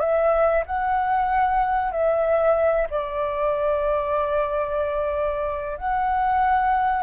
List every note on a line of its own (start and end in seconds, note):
0.00 0.64 E5
0.66 1.92 F#5
1.92 2.88 E5
2.90 5.77 D5
5.77 7.03 F#5